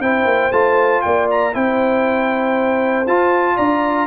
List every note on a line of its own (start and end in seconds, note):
0.00 0.25 C4
0.00 0.52 E4
0.00 1.03 C5
0.00 0.52 G5
0.25 0.50 A#3
0.51 1.02 A3
0.51 1.53 F4
0.51 1.01 A5
1.01 1.55 A#3
1.01 1.55 D5
1.01 1.26 G5
1.30 1.54 A#5
1.53 3.06 C4
1.53 3.05 E4
1.53 3.56 C5
1.53 3.07 G5
3.06 3.57 F4
3.06 4.07 F4
3.06 3.57 A5
3.56 4.07 D4
3.56 4.06 D5
3.56 4.07 A#5